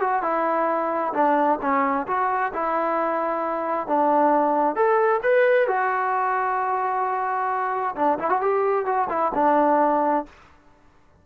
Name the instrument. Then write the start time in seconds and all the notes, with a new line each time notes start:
trombone
0.00 F#4
0.22 E4
1.14 D4
1.62 C#4
2.07 F#4
2.53 E4
3.87 D4
4.75 A4
5.23 B4
5.68 F#4
7.95 D4
8.19 E4
8.30 F#4
8.41 G4
8.85 F#4
9.09 E4
9.35 D4